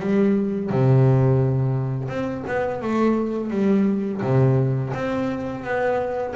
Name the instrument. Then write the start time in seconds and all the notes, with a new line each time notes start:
double bass
0.00 G3
0.70 C3
2.09 C4
2.48 B3
2.82 A3
3.51 G3
4.22 C3
4.94 C4
5.64 B3